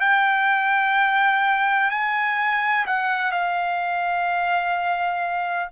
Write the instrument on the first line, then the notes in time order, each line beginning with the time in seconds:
trumpet
0.00 G5
1.90 G#5
2.87 F#5
3.32 F5